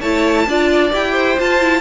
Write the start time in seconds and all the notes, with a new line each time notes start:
0.00 A3 E4 C#5 A5
0.47 D4 F4 D5
0.91 E4 G4 G5
1.12 C5
1.38 F4 A5
1.61 E4